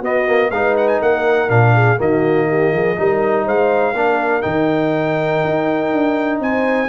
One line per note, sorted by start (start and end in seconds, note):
0.00 0.51 B3
0.00 0.27 B3
0.00 0.49 F#4
0.00 0.51 D#5
0.27 0.51 A#3
0.51 1.00 G#3
0.51 1.48 D#4
0.51 1.02 B4
0.51 0.75 F5
0.77 0.88 F#5
0.88 1.00 G#5
1.01 1.49 A#3
1.01 1.74 A#4
1.01 1.50 F#5
1.48 1.98 A#2
1.48 1.97 D4
1.48 1.99 F5
1.74 1.99 G#4
1.98 2.72 D#3
1.98 2.96 A#3
1.98 2.48 F#4
1.98 3.48 D#5
2.49 2.73 G4
2.72 2.97 F3
2.72 2.98 G#4
2.96 3.46 G3
2.96 3.94 D#4
2.96 3.45 A#4
3.45 3.93 G#3
3.45 3.94 C5
3.45 4.42 F5
3.93 4.43 A#3
3.93 4.42 D4
3.93 6.43 A#4
4.42 5.44 D#3
4.42 6.87 D#4
4.42 6.39 G5
5.44 5.93 D#4
5.93 6.40 D4
6.40 6.89 C4
6.40 6.89 C5
6.40 6.89 G#5